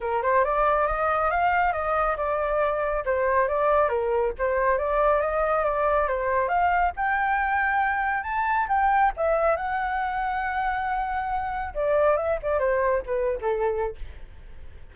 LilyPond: \new Staff \with { instrumentName = "flute" } { \time 4/4 \tempo 4 = 138 ais'8 c''8 d''4 dis''4 f''4 | dis''4 d''2 c''4 | d''4 ais'4 c''4 d''4 | dis''4 d''4 c''4 f''4 |
g''2. a''4 | g''4 e''4 fis''2~ | fis''2. d''4 | e''8 d''8 c''4 b'8. a'4~ a'16 | }